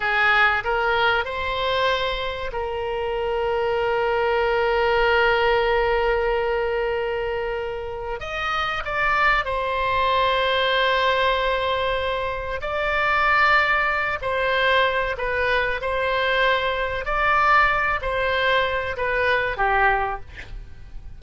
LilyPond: \new Staff \with { instrumentName = "oboe" } { \time 4/4 \tempo 4 = 95 gis'4 ais'4 c''2 | ais'1~ | ais'1~ | ais'4 dis''4 d''4 c''4~ |
c''1 | d''2~ d''8 c''4. | b'4 c''2 d''4~ | d''8 c''4. b'4 g'4 | }